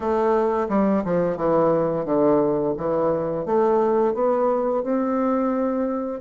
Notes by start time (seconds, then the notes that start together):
0.00 A3
0.69 G3
1.04 F3
1.36 E3
2.05 D3
2.77 E3
3.45 A3
4.14 B3
4.83 C4